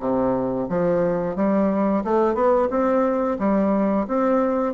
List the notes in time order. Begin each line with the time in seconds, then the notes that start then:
0.00 C3
0.69 F3
1.36 G3
2.04 A3
2.35 B3
2.70 C4
3.39 G3
4.08 C4